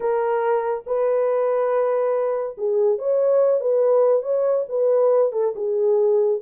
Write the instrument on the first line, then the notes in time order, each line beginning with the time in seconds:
horn
0.00 A#4
0.86 B4
2.57 G#4
2.98 C#5
3.60 B4
4.22 C#5
4.68 B4
5.32 A4
5.55 G#4